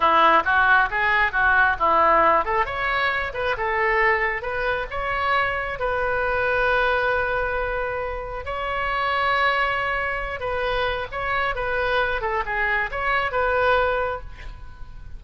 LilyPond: \new Staff \with { instrumentName = "oboe" } { \time 4/4 \tempo 4 = 135 e'4 fis'4 gis'4 fis'4 | e'4. a'8 cis''4. b'8 | a'2 b'4 cis''4~ | cis''4 b'2.~ |
b'2. cis''4~ | cis''2.~ cis''8 b'8~ | b'4 cis''4 b'4. a'8 | gis'4 cis''4 b'2 | }